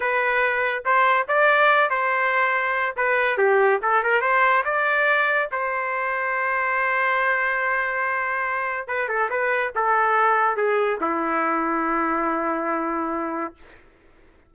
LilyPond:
\new Staff \with { instrumentName = "trumpet" } { \time 4/4 \tempo 4 = 142 b'2 c''4 d''4~ | d''8 c''2~ c''8 b'4 | g'4 a'8 ais'8 c''4 d''4~ | d''4 c''2.~ |
c''1~ | c''4 b'8 a'8 b'4 a'4~ | a'4 gis'4 e'2~ | e'1 | }